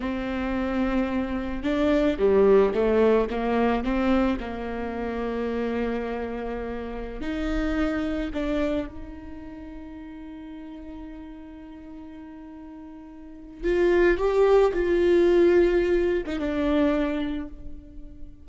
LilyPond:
\new Staff \with { instrumentName = "viola" } { \time 4/4 \tempo 4 = 110 c'2. d'4 | g4 a4 ais4 c'4 | ais1~ | ais4~ ais16 dis'2 d'8.~ |
d'16 dis'2.~ dis'8.~ | dis'1~ | dis'4 f'4 g'4 f'4~ | f'4.~ f'16 dis'16 d'2 | }